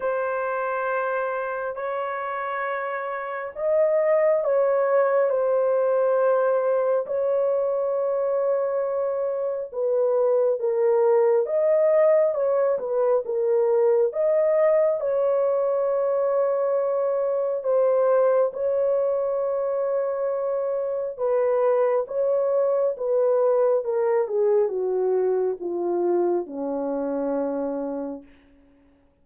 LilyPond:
\new Staff \with { instrumentName = "horn" } { \time 4/4 \tempo 4 = 68 c''2 cis''2 | dis''4 cis''4 c''2 | cis''2. b'4 | ais'4 dis''4 cis''8 b'8 ais'4 |
dis''4 cis''2. | c''4 cis''2. | b'4 cis''4 b'4 ais'8 gis'8 | fis'4 f'4 cis'2 | }